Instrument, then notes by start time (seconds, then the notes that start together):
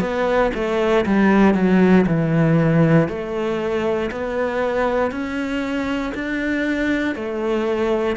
cello
0.00 B3
0.54 A3
1.05 G3
1.54 F#3
2.06 E3
3.08 A3
4.10 B3
5.11 C#4
6.14 D4
7.15 A3